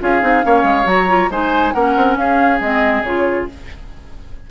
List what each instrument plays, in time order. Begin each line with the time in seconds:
0.00 bassoon C#4, clarinet F4, oboe G#4, flute F5
0.22 bassoon C4, clarinet D#4
0.42 bassoon A#3, clarinet C#4, oboe C#5
0.64 bassoon G#3
0.85 bassoon F#3, clarinet F#4, flute A#5
1.08 clarinet F4
1.30 bassoon G#3, clarinet D#4, oboe C5, flute G#5
1.73 bassoon A#3, clarinet C#4, oboe A#4, flute F#5
1.96 bassoon C4
2.17 bassoon C#4, oboe G#4, flute F5
2.61 bassoon G#3, clarinet C4, flute D#5
3.03 bassoon C#3, clarinet F4, flute C#5